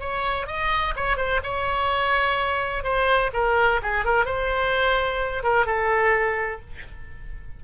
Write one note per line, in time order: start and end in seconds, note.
0.00 0.47 C#5
0.47 0.94 D#5
0.96 1.17 C#5
1.17 1.40 C5
1.43 2.83 C#5
2.83 3.30 C5
3.33 3.81 A#4
3.82 4.05 G#4
4.05 4.25 A#4
4.25 5.43 C5
5.43 5.66 A#4
5.66 6.60 A4